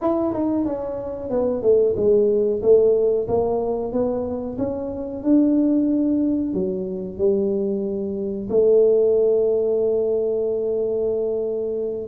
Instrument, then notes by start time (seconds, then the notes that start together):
tuba
0.01 E4
0.33 D#4
0.65 C#4
1.30 B3
1.62 A3
1.96 G#3
2.62 A3
3.28 A#3
3.92 B3
4.57 C#4
5.23 D4
6.53 F#3
7.18 G3
8.49 A3